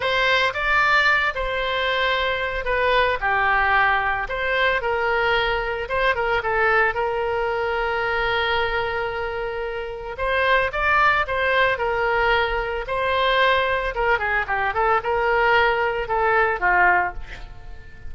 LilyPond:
\new Staff \with { instrumentName = "oboe" } { \time 4/4 \tempo 4 = 112 c''4 d''4. c''4.~ | c''4 b'4 g'2 | c''4 ais'2 c''8 ais'8 | a'4 ais'2.~ |
ais'2. c''4 | d''4 c''4 ais'2 | c''2 ais'8 gis'8 g'8 a'8 | ais'2 a'4 f'4 | }